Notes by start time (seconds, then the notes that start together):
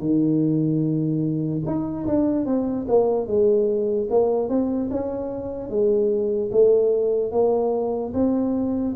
0.00 D#3
1.67 D#4
2.07 D4
2.46 C4
2.89 A#3
3.27 G#3
4.11 A#3
4.50 C4
4.91 C#4
5.70 G#3
6.52 A3
7.32 A#3
8.14 C4